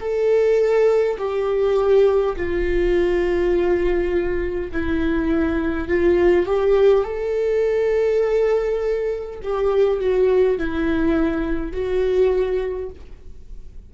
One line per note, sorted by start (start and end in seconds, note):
0.00 1.18 A4
1.18 2.36 G4
2.36 4.71 F4
4.72 5.88 E4
5.88 6.47 F4
6.47 7.04 G4
7.04 9.40 A4
9.43 10.00 G4
10.00 10.58 F#4
10.58 11.72 E4
11.72 12.90 F#4